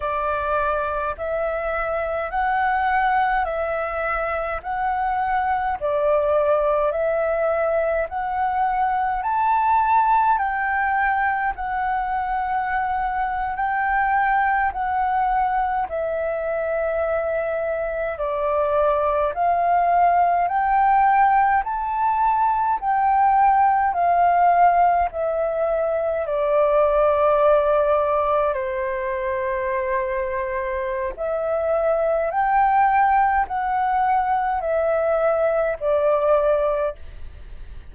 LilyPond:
\new Staff \with { instrumentName = "flute" } { \time 4/4 \tempo 4 = 52 d''4 e''4 fis''4 e''4 | fis''4 d''4 e''4 fis''4 | a''4 g''4 fis''4.~ fis''16 g''16~ | g''8. fis''4 e''2 d''16~ |
d''8. f''4 g''4 a''4 g''16~ | g''8. f''4 e''4 d''4~ d''16~ | d''8. c''2~ c''16 e''4 | g''4 fis''4 e''4 d''4 | }